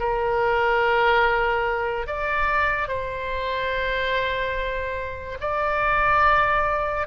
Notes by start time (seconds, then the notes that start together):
0.00 A#4
2.07 D5
2.89 C5
5.41 D5